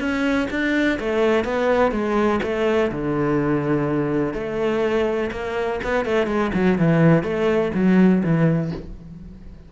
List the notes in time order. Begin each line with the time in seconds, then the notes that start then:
0.00 C#4
0.51 D4
1.00 A3
1.45 B3
1.92 G#3
2.43 A3
2.92 D3
4.34 A3
5.32 A#3
5.84 B3
6.06 A3
6.27 G#3
6.55 F#3
6.79 E3
7.24 A3
7.75 F#3
8.24 E3